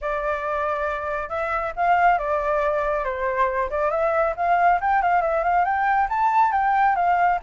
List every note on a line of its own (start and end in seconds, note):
0.01 1.29 D5
1.29 1.73 E5
1.76 2.18 F5
2.18 3.04 D5
3.04 3.69 C5
3.70 3.91 D5
3.91 4.34 E5
4.36 4.79 F5
4.80 5.02 G5
5.02 5.21 F5
5.21 5.43 E5
5.43 5.64 F5
5.64 6.08 G5
6.09 6.52 A5
6.52 6.95 G5
6.95 7.39 F5